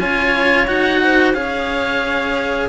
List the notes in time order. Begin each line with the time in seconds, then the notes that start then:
0.00 C#4 F4 C#5 G#5
0.67 D#4 F#4 F#5
1.04 C5
1.34 C#4 G#4 C#5 F5